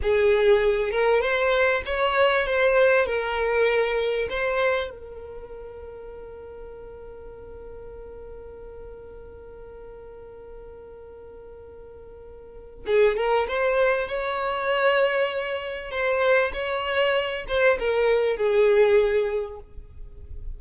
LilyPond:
\new Staff \with { instrumentName = "violin" } { \time 4/4 \tempo 4 = 98 gis'4. ais'8 c''4 cis''4 | c''4 ais'2 c''4 | ais'1~ | ais'1~ |
ais'1~ | ais'4 gis'8 ais'8 c''4 cis''4~ | cis''2 c''4 cis''4~ | cis''8 c''8 ais'4 gis'2 | }